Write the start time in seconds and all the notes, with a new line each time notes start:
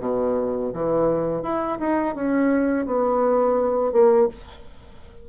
0.00 B2
0.73 E3
1.43 E4
1.79 D#4
2.15 C#4
2.86 B3
3.93 A#3